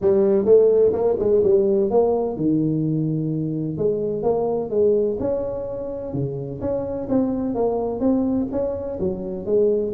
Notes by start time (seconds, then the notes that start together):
0.01 G3
0.45 A3
0.92 A#3
1.19 G#3
1.43 G3
1.90 A#3
2.36 D#3
3.77 G#3
4.22 A#3
4.70 G#3
5.19 C#4
6.13 C#3
6.60 C#4
7.09 C4
7.54 A#3
7.99 C4
8.51 C#4
8.99 F#3
9.45 G#3